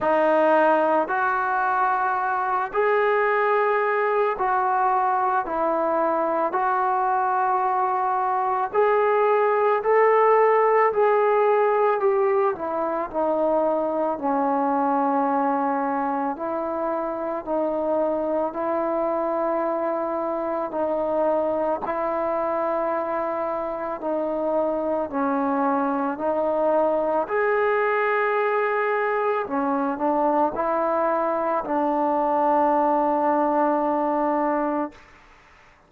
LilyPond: \new Staff \with { instrumentName = "trombone" } { \time 4/4 \tempo 4 = 55 dis'4 fis'4. gis'4. | fis'4 e'4 fis'2 | gis'4 a'4 gis'4 g'8 e'8 | dis'4 cis'2 e'4 |
dis'4 e'2 dis'4 | e'2 dis'4 cis'4 | dis'4 gis'2 cis'8 d'8 | e'4 d'2. | }